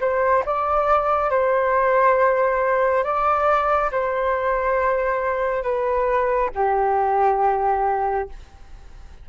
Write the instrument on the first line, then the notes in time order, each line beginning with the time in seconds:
flute
0.00 C5
0.45 D5
1.30 C5
3.04 D5
3.91 C5
5.63 B4
6.55 G4